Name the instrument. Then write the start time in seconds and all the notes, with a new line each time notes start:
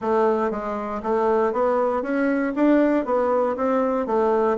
bassoon
0.01 A3
0.50 G#3
1.02 A3
1.53 B3
2.02 C#4
2.55 D4
3.05 B3
3.56 C4
4.06 A3